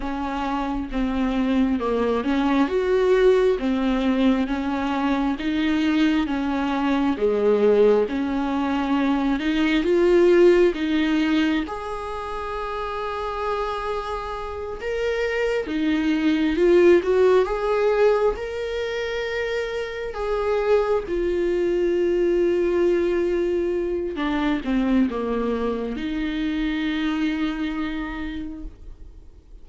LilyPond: \new Staff \with { instrumentName = "viola" } { \time 4/4 \tempo 4 = 67 cis'4 c'4 ais8 cis'8 fis'4 | c'4 cis'4 dis'4 cis'4 | gis4 cis'4. dis'8 f'4 | dis'4 gis'2.~ |
gis'8 ais'4 dis'4 f'8 fis'8 gis'8~ | gis'8 ais'2 gis'4 f'8~ | f'2. d'8 c'8 | ais4 dis'2. | }